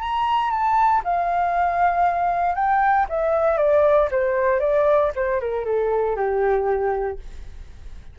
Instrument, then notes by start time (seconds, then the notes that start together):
flute
0.00 A#5
0.50 A5
1.04 F5
2.55 G5
3.09 E5
3.57 D5
4.11 C5
4.60 D5
5.15 C5
5.40 A#4
5.65 A4
6.16 G4